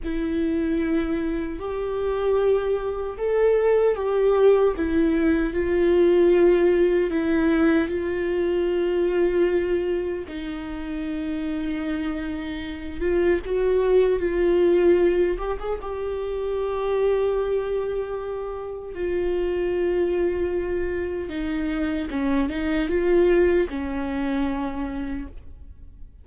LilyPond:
\new Staff \with { instrumentName = "viola" } { \time 4/4 \tempo 4 = 76 e'2 g'2 | a'4 g'4 e'4 f'4~ | f'4 e'4 f'2~ | f'4 dis'2.~ |
dis'8 f'8 fis'4 f'4. g'16 gis'16 | g'1 | f'2. dis'4 | cis'8 dis'8 f'4 cis'2 | }